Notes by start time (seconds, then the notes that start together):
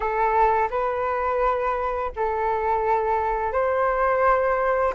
0.00 A4
0.70 B4
2.16 A4
3.52 C5